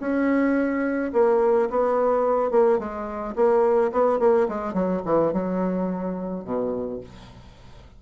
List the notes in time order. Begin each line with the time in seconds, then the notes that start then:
0.00 C#4
1.13 A#3
1.70 B3
2.51 A#3
2.79 G#3
3.36 A#3
3.92 B3
4.19 A#3
4.49 G#3
4.74 F#3
5.05 E3
5.33 F#3
6.45 B2